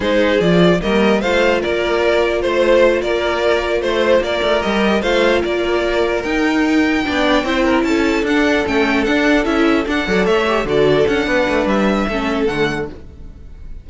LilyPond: <<
  \new Staff \with { instrumentName = "violin" } { \time 4/4 \tempo 4 = 149 c''4 d''4 dis''4 f''4 | d''2 c''4. d''8~ | d''4. c''4 d''4 dis''8~ | dis''8 f''4 d''2 g''8~ |
g''2.~ g''8 a''8~ | a''8 fis''4 g''4 fis''4 e''8~ | e''8 fis''4 e''4 d''4 fis''8~ | fis''4 e''2 fis''4 | }
  \new Staff \with { instrumentName = "violin" } { \time 4/4 gis'2 ais'4 c''4 | ais'2 c''4. ais'8~ | ais'4. c''4 ais'4.~ | ais'8 c''4 ais'2~ ais'8~ |
ais'4. d''4 c''8 ais'8 a'8~ | a'1~ | a'4 d''8 cis''4 a'4. | b'2 a'2 | }
  \new Staff \with { instrumentName = "viola" } { \time 4/4 dis'4 f'4 ais4 f'4~ | f'1~ | f'2.~ f'8 g'8~ | g'8 f'2. dis'8~ |
dis'4. d'4 e'4.~ | e'8 d'4 cis'4 d'4 e'8~ | e'8 d'8 a'4 g'8 fis'4 d'8~ | d'2 cis'4 a4 | }
  \new Staff \with { instrumentName = "cello" } { \time 4/4 gis4 f4 g4 a4 | ais2 a4. ais8~ | ais4. a4 ais8 a8 g8~ | g8 a4 ais2 dis'8~ |
dis'4. b4 c'4 cis'8~ | cis'8 d'4 a4 d'4 cis'8~ | cis'8 d'8 fis8 a4 d4 cis'8 | b8 a8 g4 a4 d4 | }
>>